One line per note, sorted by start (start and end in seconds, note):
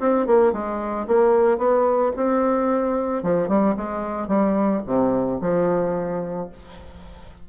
0.00 0.27 C4
0.27 0.53 A#3
0.53 1.07 G#3
1.07 1.58 A#3
1.58 2.12 B3
2.16 3.23 C4
3.23 3.48 F3
3.48 3.75 G3
3.76 4.28 G#3
4.28 4.82 G3
4.86 5.40 C3
5.41 6.49 F3